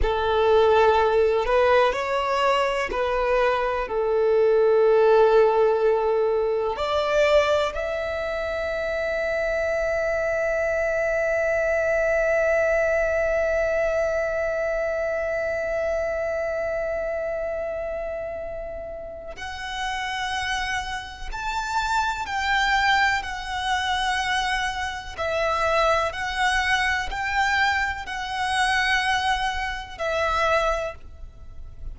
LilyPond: \new Staff \with { instrumentName = "violin" } { \time 4/4 \tempo 4 = 62 a'4. b'8 cis''4 b'4 | a'2. d''4 | e''1~ | e''1~ |
e''1 | fis''2 a''4 g''4 | fis''2 e''4 fis''4 | g''4 fis''2 e''4 | }